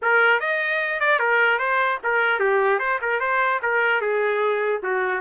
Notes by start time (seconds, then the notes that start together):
0.01 A#4
0.40 D#5
0.99 D5
1.19 A#4
1.58 C5
2.03 A#4
2.39 G4
2.79 C5
3.01 A#4
3.20 C5
3.62 A#4
4.01 G#4
4.83 F#4